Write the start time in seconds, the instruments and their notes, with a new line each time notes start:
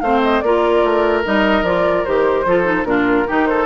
0.00 bassoon A3, clarinet C4, oboe C5, flute F5
0.23 flute D#5
0.40 bassoon A#3, clarinet F4, oboe A#4, flute D5
0.84 bassoon A3
1.24 bassoon G3, clarinet D#4, flute D#5
1.63 bassoon F3, clarinet F4, flute D5
2.05 bassoon D#3, clarinet G4, flute C5
2.45 bassoon F3, clarinet F4, oboe A4
2.64 clarinet D#4
2.84 bassoon A#2, clarinet D4, oboe F4, flute A#4
3.27 bassoon D#3, clarinet D#4, oboe G4
3.45 oboe A4, flute C5